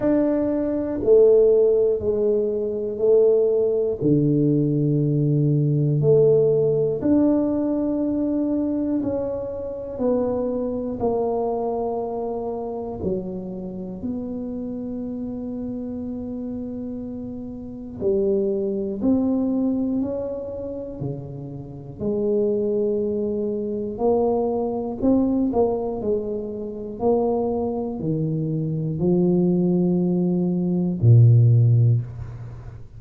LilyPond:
\new Staff \with { instrumentName = "tuba" } { \time 4/4 \tempo 4 = 60 d'4 a4 gis4 a4 | d2 a4 d'4~ | d'4 cis'4 b4 ais4~ | ais4 fis4 b2~ |
b2 g4 c'4 | cis'4 cis4 gis2 | ais4 c'8 ais8 gis4 ais4 | dis4 f2 ais,4 | }